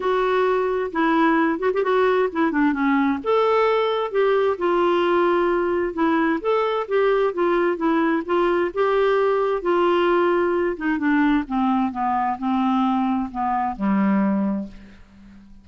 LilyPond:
\new Staff \with { instrumentName = "clarinet" } { \time 4/4 \tempo 4 = 131 fis'2 e'4. fis'16 g'16 | fis'4 e'8 d'8 cis'4 a'4~ | a'4 g'4 f'2~ | f'4 e'4 a'4 g'4 |
f'4 e'4 f'4 g'4~ | g'4 f'2~ f'8 dis'8 | d'4 c'4 b4 c'4~ | c'4 b4 g2 | }